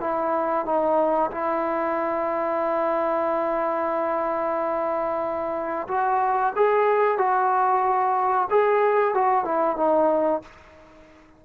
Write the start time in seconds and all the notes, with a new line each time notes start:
0.00 E4
0.65 D#4
1.31 E4
5.88 F#4
6.55 G#4
7.18 F#4
8.50 G#4
9.14 F#4
9.44 E4
9.76 D#4